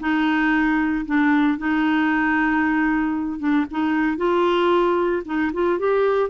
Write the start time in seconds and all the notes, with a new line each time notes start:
0.00 D#4
1.06 D4
1.58 D#4
3.39 D4
3.71 D#4
4.17 F4
5.25 D#4
5.53 F4
5.79 G4